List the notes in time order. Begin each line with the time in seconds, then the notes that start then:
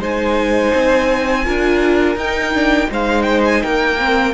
0.00 G#3 D#4 C5 G#5
0.74 C4
1.45 D4 F4 A#4
2.16 D#4 G5
2.54 D4
2.87 G#3 D#4 C5
2.93 F5
3.22 G5
3.45 G#5
3.62 A#3 A#4 G5
3.98 C4